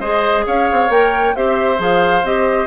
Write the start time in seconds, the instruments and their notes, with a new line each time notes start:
0.00 bassoon G#3, clarinet G#4, oboe C5, flute D#5
0.46 bassoon C#4, oboe C#5, flute F5
0.72 bassoon C4
0.89 bassoon A#3, clarinet A#4, flute G5
1.35 bassoon C4, clarinet G4, oboe C5, flute E5
1.78 bassoon F3, clarinet G#4, flute F5
2.24 bassoon C4, clarinet G4, flute D#5